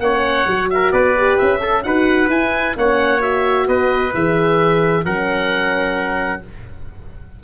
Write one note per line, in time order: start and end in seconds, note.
0.00 0.46 A#3
0.00 0.49 C#4
0.00 0.73 C#5
0.00 0.69 F#5
0.47 0.93 F#3
0.47 1.17 F#4
0.70 0.93 A#4
0.70 0.92 E5
0.92 1.39 B3
0.92 1.62 B4
0.92 1.38 D5
1.17 1.60 G4
1.38 1.85 C#4
1.38 1.84 E5
1.60 1.83 A4
1.60 1.85 A4
1.84 2.29 D#4
1.84 2.31 F#4
1.84 2.78 B4
1.84 2.29 F#5
2.29 2.75 E4
2.29 2.78 E4
2.29 2.77 G#5
2.77 3.68 A#3
2.77 3.20 C#4
2.77 3.68 C#5
2.77 3.22 F#5
3.20 4.12 F#4
3.20 3.68 E5
3.68 4.14 B3
3.68 5.05 B4
3.68 4.14 D#5
4.14 5.05 E3
4.14 5.06 G#4
4.14 5.05 E5
5.05 6.42 F#3
5.05 6.44 C#4
5.05 6.43 A#4
5.05 6.43 F#5